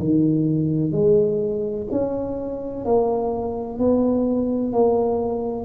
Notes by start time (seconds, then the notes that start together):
0.00 D#3
0.92 G#3
1.92 C#4
2.85 A#3
3.79 B3
4.73 A#3